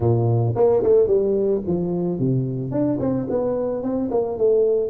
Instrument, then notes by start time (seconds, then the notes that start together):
tuba
0.00 A#2
0.55 A#3
0.83 A3
1.07 G3
1.67 F3
2.19 C3
2.71 D4
3.00 C4
3.29 B3
3.83 C4
4.10 A#3
4.37 A3